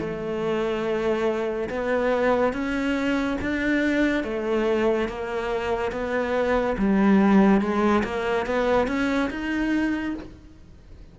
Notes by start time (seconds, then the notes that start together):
0.00 A3
1.69 B3
2.53 C#4
3.41 D4
4.24 A3
5.09 A#3
5.92 B3
6.78 G3
7.61 G#3
8.04 A#3
8.46 B3
8.87 C#4
9.30 D#4